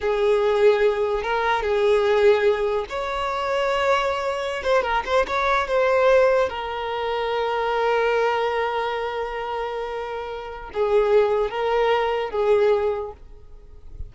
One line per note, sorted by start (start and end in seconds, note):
0.00 1.22 G#4
1.22 1.62 A#4
1.62 2.85 G#4
2.89 4.63 C#5
4.63 4.82 C5
4.82 5.03 A#4
5.05 5.26 C5
5.27 5.67 C#5
5.67 6.49 C5
6.49 10.70 A#4
10.73 11.50 G#4
11.50 12.30 A#4
12.30 13.12 G#4